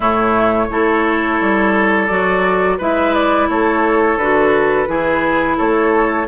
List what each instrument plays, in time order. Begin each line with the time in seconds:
0.00 bassoon A2, clarinet A3, oboe E4, flute C#5
0.70 bassoon A3, clarinet E4, oboe A4
1.40 bassoon G3
2.07 bassoon F#3, clarinet F#4, flute D5
2.78 bassoon G#3, clarinet E4, oboe B4, flute E5
3.13 flute D5
3.48 bassoon A3, oboe A4, flute C#5
4.16 bassoon D3, clarinet F#4, flute B4
4.86 bassoon E3, clarinet E4, oboe G#4
5.57 bassoon A3, oboe A4, flute C#5